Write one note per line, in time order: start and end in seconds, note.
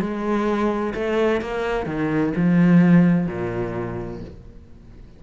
0.00 0.94 G#3
0.94 1.41 A3
1.41 1.86 A#3
1.86 2.33 D#3
2.36 3.27 F3
3.27 4.21 A#2